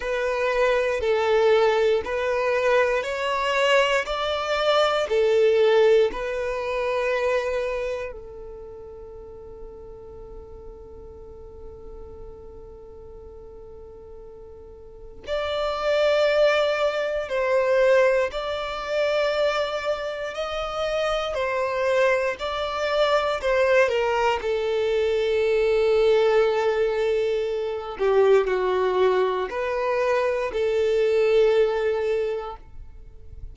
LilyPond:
\new Staff \with { instrumentName = "violin" } { \time 4/4 \tempo 4 = 59 b'4 a'4 b'4 cis''4 | d''4 a'4 b'2 | a'1~ | a'2. d''4~ |
d''4 c''4 d''2 | dis''4 c''4 d''4 c''8 ais'8 | a'2.~ a'8 g'8 | fis'4 b'4 a'2 | }